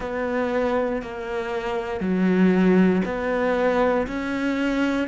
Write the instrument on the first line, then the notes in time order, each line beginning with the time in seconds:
cello
0.00 B3
1.02 A#3
2.00 F#3
3.05 B3
4.07 C#4